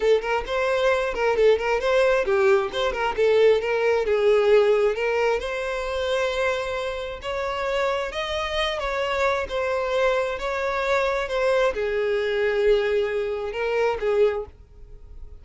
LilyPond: \new Staff \with { instrumentName = "violin" } { \time 4/4 \tempo 4 = 133 a'8 ais'8 c''4. ais'8 a'8 ais'8 | c''4 g'4 c''8 ais'8 a'4 | ais'4 gis'2 ais'4 | c''1 |
cis''2 dis''4. cis''8~ | cis''4 c''2 cis''4~ | cis''4 c''4 gis'2~ | gis'2 ais'4 gis'4 | }